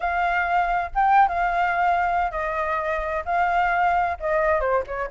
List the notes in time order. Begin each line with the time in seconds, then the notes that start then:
0.00 F5
0.94 G5
1.28 F5
2.31 D#5
3.25 F5
4.20 D#5
4.60 C5
4.86 C#5